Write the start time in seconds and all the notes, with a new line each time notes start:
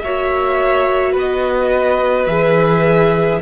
0.00 A#3 F#4 C#5 E5
1.12 B3 B4
1.18 D#5
2.26 E3 G#4 E5